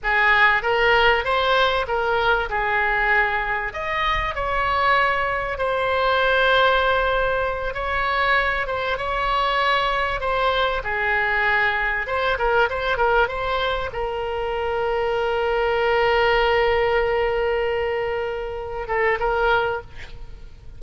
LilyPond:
\new Staff \with { instrumentName = "oboe" } { \time 4/4 \tempo 4 = 97 gis'4 ais'4 c''4 ais'4 | gis'2 dis''4 cis''4~ | cis''4 c''2.~ | c''8 cis''4. c''8 cis''4.~ |
cis''8 c''4 gis'2 c''8 | ais'8 c''8 ais'8 c''4 ais'4.~ | ais'1~ | ais'2~ ais'8 a'8 ais'4 | }